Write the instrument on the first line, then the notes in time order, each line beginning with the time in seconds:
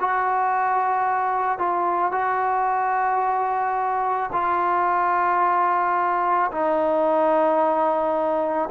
trombone
0.00 F#4
1.58 F4
2.12 F#4
4.32 F4
6.51 D#4